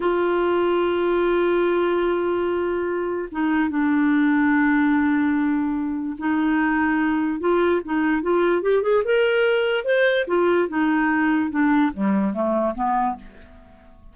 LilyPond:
\new Staff \with { instrumentName = "clarinet" } { \time 4/4 \tempo 4 = 146 f'1~ | f'1 | dis'4 d'2.~ | d'2. dis'4~ |
dis'2 f'4 dis'4 | f'4 g'8 gis'8 ais'2 | c''4 f'4 dis'2 | d'4 g4 a4 b4 | }